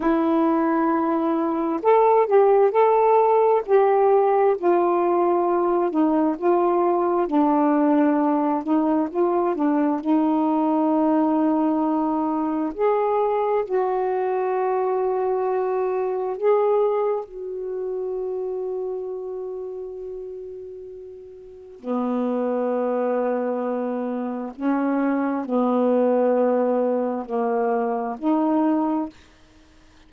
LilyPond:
\new Staff \with { instrumentName = "saxophone" } { \time 4/4 \tempo 4 = 66 e'2 a'8 g'8 a'4 | g'4 f'4. dis'8 f'4 | d'4. dis'8 f'8 d'8 dis'4~ | dis'2 gis'4 fis'4~ |
fis'2 gis'4 fis'4~ | fis'1 | b2. cis'4 | b2 ais4 dis'4 | }